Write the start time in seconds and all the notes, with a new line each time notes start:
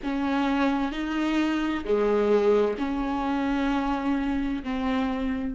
0.03 C#4
0.92 D#4
1.84 G#3
2.78 C#4
4.63 C4